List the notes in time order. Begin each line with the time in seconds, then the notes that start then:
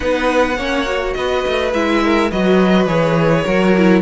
0.00 B3 D#4 B4 F#5
0.57 A#3 C#4 C#5
0.85 F#4
1.13 B3 B4 D#5
1.46 A3
1.73 G#3 E4 E5
2.03 A#4
2.30 F#3 F#4 B4 D#5
2.86 E3 G#4 C#5
3.44 F#3 F#4 A#4
3.77 E4